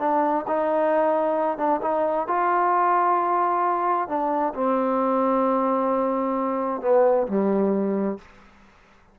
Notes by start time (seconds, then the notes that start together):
0.00 D4
0.48 D#4
1.58 D4
1.82 D#4
2.28 F4
4.08 D4
4.55 C4
6.82 B3
7.28 G3